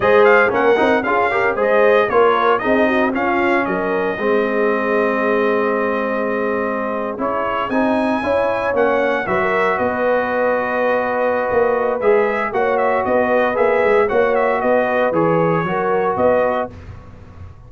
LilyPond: <<
  \new Staff \with { instrumentName = "trumpet" } { \time 4/4 \tempo 4 = 115 dis''8 f''8 fis''4 f''4 dis''4 | cis''4 dis''4 f''4 dis''4~ | dis''1~ | dis''4.~ dis''16 cis''4 gis''4~ gis''16~ |
gis''8. fis''4 e''4 dis''4~ dis''16~ | dis''2. e''4 | fis''8 e''8 dis''4 e''4 fis''8 e''8 | dis''4 cis''2 dis''4 | }
  \new Staff \with { instrumentName = "horn" } { \time 4/4 c''4 ais'4 gis'8 ais'8 c''4 | ais'4 gis'8 fis'8 f'4 ais'4 | gis'1~ | gis'2.~ gis'8. cis''16~ |
cis''4.~ cis''16 b'16 ais'8. b'4~ b'16~ | b'1 | cis''4 b'2 cis''4 | b'2 ais'4 b'4 | }
  \new Staff \with { instrumentName = "trombone" } { \time 4/4 gis'4 cis'8 dis'8 f'8 g'8 gis'4 | f'4 dis'4 cis'2 | c'1~ | c'4.~ c'16 e'4 dis'4 e'16~ |
e'8. cis'4 fis'2~ fis'16~ | fis'2. gis'4 | fis'2 gis'4 fis'4~ | fis'4 gis'4 fis'2 | }
  \new Staff \with { instrumentName = "tuba" } { \time 4/4 gis4 ais8 c'8 cis'4 gis4 | ais4 c'4 cis'4 fis4 | gis1~ | gis4.~ gis16 cis'4 c'4 cis'16~ |
cis'8. ais4 fis4 b4~ b16~ | b2 ais4 gis4 | ais4 b4 ais8 gis8 ais4 | b4 e4 fis4 b4 | }
>>